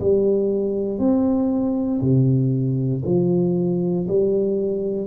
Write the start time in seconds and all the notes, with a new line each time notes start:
0.00 G3
0.98 C4
2.01 C3
3.05 F3
4.08 G3